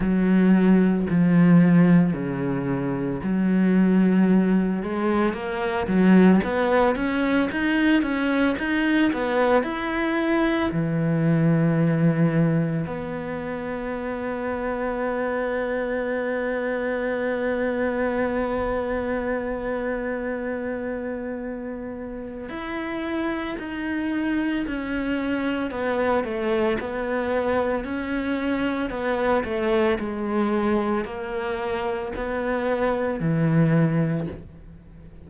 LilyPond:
\new Staff \with { instrumentName = "cello" } { \time 4/4 \tempo 4 = 56 fis4 f4 cis4 fis4~ | fis8 gis8 ais8 fis8 b8 cis'8 dis'8 cis'8 | dis'8 b8 e'4 e2 | b1~ |
b1~ | b4 e'4 dis'4 cis'4 | b8 a8 b4 cis'4 b8 a8 | gis4 ais4 b4 e4 | }